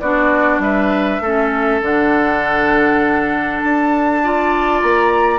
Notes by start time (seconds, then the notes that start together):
0.00 B3 D4 F#4 D5
0.59 G3 B4 E5
1.21 A3 C#4 A4
1.81 D3 D4 F#5
3.60 D4 A5
4.23 F4 D5
4.82 A#3 A#5